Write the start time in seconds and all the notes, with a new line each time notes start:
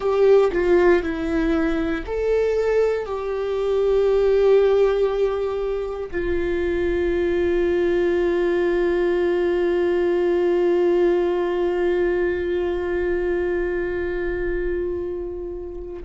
0.00 G4
0.52 F4
1.02 E4
2.06 A4
3.05 G4
6.11 F4